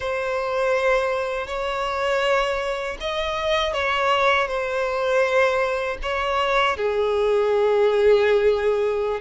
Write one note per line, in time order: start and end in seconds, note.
0.00 1.47 C5
1.47 2.97 C#5
3.00 3.73 D#5
3.73 4.47 C#5
4.47 5.97 C5
6.02 6.76 C#5
6.76 9.20 G#4